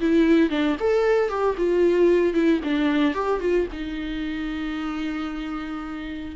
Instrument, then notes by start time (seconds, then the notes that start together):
viola
0.00 E4
0.50 D4
0.80 A4
1.29 G4
1.57 F4
2.34 E4
2.64 D4
3.14 G4
3.40 F4
3.72 D#4